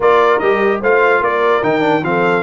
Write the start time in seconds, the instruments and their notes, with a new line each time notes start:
0.00 tuba A#3, trombone F4, horn A#4, trumpet D5
0.39 tuba G3, trombone G4, trumpet D#5
0.81 tuba A3, trombone F4, horn C5, trumpet F5
1.20 tuba A#3, horn A#4, trumpet D5
1.62 tuba D#3, trombone D#4, trumpet G5
1.81 trombone D4
2.02 tuba F3, trombone C4, horn A4, trumpet F5